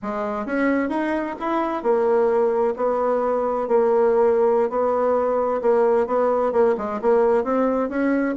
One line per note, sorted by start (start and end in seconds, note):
0.02 0.46 G#3
0.46 0.89 C#4
0.89 1.35 D#4
1.39 1.82 E4
1.82 2.74 A#3
2.76 3.68 B3
3.68 4.69 A#3
4.69 5.61 B3
5.61 6.07 A#3
6.07 6.52 B3
6.52 6.75 A#3
6.77 7.00 G#3
7.01 7.44 A#3
7.44 7.89 C4
7.89 8.35 C#4